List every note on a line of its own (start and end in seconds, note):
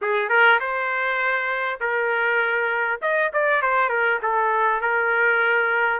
0.01 0.29 G#4
0.29 0.59 A#4
0.59 1.79 C5
1.80 3.00 A#4
3.01 3.31 D#5
3.33 3.62 D5
3.62 3.89 C5
3.89 4.19 A#4
4.22 4.81 A4
4.81 6.00 A#4